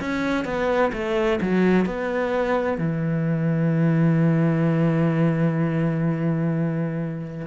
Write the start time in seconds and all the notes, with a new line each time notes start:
0.00 C#4
0.45 B3
0.93 A3
1.41 F#3
1.86 B3
2.78 E3